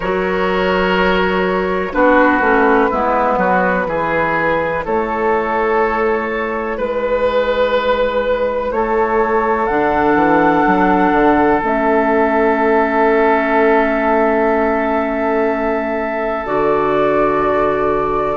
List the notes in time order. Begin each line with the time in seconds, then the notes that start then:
0.00 F#3 F#4 A#4 C#5
1.92 B3 D4 F#4 B4
2.40 A3 C#4
2.90 G#3 B3 E4
3.37 F#3 F#4
3.86 E3 E4 G#4
4.84 A3 A4 C#5
6.77 G#3 B4
8.71 A3 A4 C#5
9.66 D3 D4 F#5
10.14 E3
10.67 F#3
11.11 D3
11.61 A3 C#4 E5
16.46 D3 F#4 D5